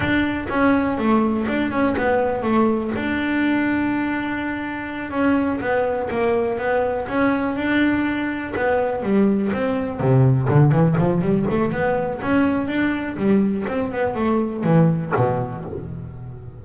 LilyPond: \new Staff \with { instrumentName = "double bass" } { \time 4/4 \tempo 4 = 123 d'4 cis'4 a4 d'8 cis'8 | b4 a4 d'2~ | d'2~ d'8 cis'4 b8~ | b8 ais4 b4 cis'4 d'8~ |
d'4. b4 g4 c'8~ | c'8 c4 d8 e8 f8 g8 a8 | b4 cis'4 d'4 g4 | c'8 b8 a4 e4 b,4 | }